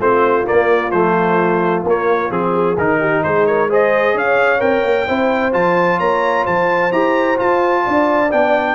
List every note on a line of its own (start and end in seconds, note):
0.00 0.47 A3
0.00 0.45 C4
0.00 2.53 F4
0.00 0.47 C5
0.45 0.92 A#3
0.45 0.92 D5
0.52 0.92 A#3
0.92 1.84 F3
0.92 1.86 A3
0.92 1.84 C5
1.84 2.30 A#3
1.84 2.32 C#5
2.30 2.77 F3
2.30 2.76 C4
2.30 2.78 G#4
2.53 2.99 G#4
2.78 3.24 D#3
2.78 3.70 D#4
2.78 3.24 A#4
3.00 3.23 G4
3.24 4.15 G#3
3.24 3.48 G#4
3.24 3.47 C5
3.47 3.70 A#4
3.47 3.70 C#5
3.70 4.60 G#4
3.70 4.16 C5
3.70 4.18 D#5
4.15 4.61 C#4
4.15 5.08 C#5
4.15 4.61 F5
4.60 4.83 C4
4.60 5.06 A#4
4.60 5.54 G5
4.83 5.07 A#3
5.08 5.55 C4
5.08 5.53 E4
5.08 5.99 C5
5.53 6.00 F3
5.53 6.91 F4
5.53 6.00 A5
5.99 6.46 A#3
5.99 6.45 C#5
5.99 6.46 A#5
6.45 6.92 F3
6.45 7.84 C5
6.45 6.93 A5
6.92 7.39 E4
6.92 7.37 G4
6.92 7.39 A#5
7.37 8.30 F4
7.37 7.87 F4
7.37 8.32 A5
7.86 8.33 D4
7.86 8.76 D5
8.32 8.76 B3
8.32 8.76 D4
8.32 8.76 G5